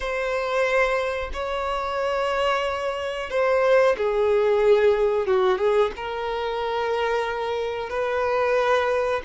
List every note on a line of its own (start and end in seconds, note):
0.00 1.30 C5
1.33 3.30 C#5
3.30 3.96 C5
3.97 5.26 G#4
5.26 5.58 F#4
5.58 5.91 G#4
5.96 7.89 A#4
7.89 9.21 B4